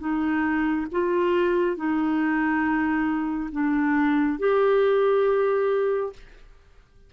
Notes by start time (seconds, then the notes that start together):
0.00 D#4
0.92 F4
1.77 D#4
3.52 D4
4.40 G4